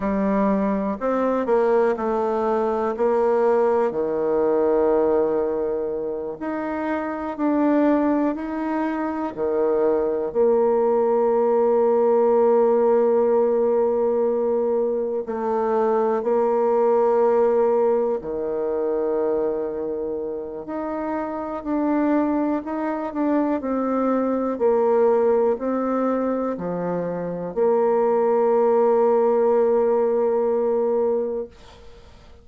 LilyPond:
\new Staff \with { instrumentName = "bassoon" } { \time 4/4 \tempo 4 = 61 g4 c'8 ais8 a4 ais4 | dis2~ dis8 dis'4 d'8~ | d'8 dis'4 dis4 ais4.~ | ais2.~ ais8 a8~ |
a8 ais2 dis4.~ | dis4 dis'4 d'4 dis'8 d'8 | c'4 ais4 c'4 f4 | ais1 | }